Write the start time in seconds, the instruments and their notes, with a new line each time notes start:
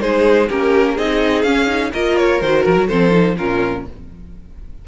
0.00 cello G#3, viola D#4, violin G#4 C5
0.49 cello A#3, viola C#4, violin G4 A#4
0.95 cello C4, viola D#4, violin G#4 D#5
1.43 cello C#4, viola C#4, violin F5
1.68 viola D#4
1.93 cello A#3, viola F4, violin A#4 D#5
2.17 violin C#5
2.42 cello D#3, viola F#4, violin C5
2.64 cello F3, violin A#4
2.77 cello F#3
2.87 cello F3, viola C4, violin A4 C5
3.11 viola D#4
3.38 cello A#2, viola C#4, violin F4 A#4